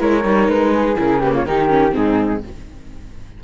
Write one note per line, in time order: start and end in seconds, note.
0.00 0.25 G#3
0.00 0.23 E4
0.00 0.73 A#4
0.00 0.49 C#5
0.23 0.49 G3
0.23 0.96 D#4
0.49 0.97 G#3
0.49 0.97 B4
0.73 1.21 G#4
0.96 1.45 C#3
0.96 1.20 E4
0.96 1.22 A#4
1.21 1.47 A#3
1.21 1.33 G4
1.21 1.34 B4
1.33 1.45 F4
1.33 1.46 C#5
1.45 1.94 D#3
1.45 1.69 D#4
1.45 1.95 G4
1.45 1.94 A#4
1.69 1.91 C#4
1.91 2.44 G#2
1.91 2.40 C4
1.91 2.43 D#4
1.91 2.43 G#4